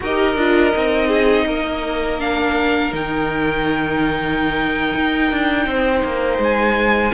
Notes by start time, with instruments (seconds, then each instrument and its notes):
0.00 cello D#4, viola G4, violin A#4 D#5
0.36 cello D4, viola F4
0.72 cello C4, viola D#4
1.07 violin G#4
1.46 cello A#3, violin A#4
2.19 viola D4, violin F5
2.92 cello D#3, viola D#4, violin G5
4.94 cello D#4
5.31 cello D4
5.66 cello C4, violin C5
6.04 cello A#3
6.38 cello G#3, violin G#5